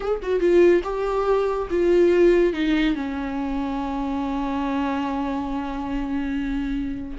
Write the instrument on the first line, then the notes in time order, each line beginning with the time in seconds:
viola
0.00 G#4
0.22 F#4
0.39 F4
0.83 G4
1.70 F4
2.53 D#4
2.95 C#4